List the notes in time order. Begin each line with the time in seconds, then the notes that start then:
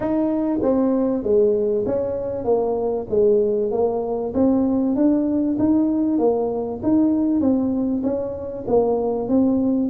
0.00 D#4
0.62 C4
1.23 G#3
1.86 C#4
2.44 A#3
3.09 G#3
3.71 A#3
4.34 C4
4.95 D4
5.58 D#4
6.18 A#3
6.82 D#4
7.40 C4
8.03 C#4
8.67 A#3
9.28 C4